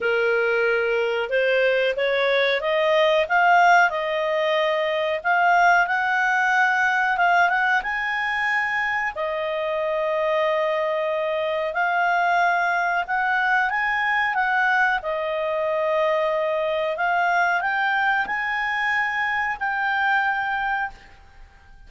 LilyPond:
\new Staff \with { instrumentName = "clarinet" } { \time 4/4 \tempo 4 = 92 ais'2 c''4 cis''4 | dis''4 f''4 dis''2 | f''4 fis''2 f''8 fis''8 | gis''2 dis''2~ |
dis''2 f''2 | fis''4 gis''4 fis''4 dis''4~ | dis''2 f''4 g''4 | gis''2 g''2 | }